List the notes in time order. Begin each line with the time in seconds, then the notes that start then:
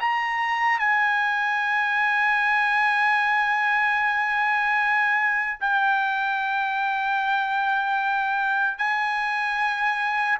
0.00 A#5
0.79 G#5
5.60 G5
8.78 G#5